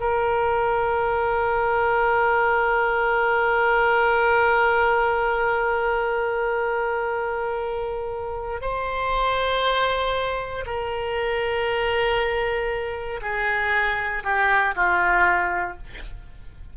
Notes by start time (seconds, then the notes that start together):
0.00 A#4
8.61 C5
10.66 A#4
13.21 G#4
14.24 G4
14.75 F4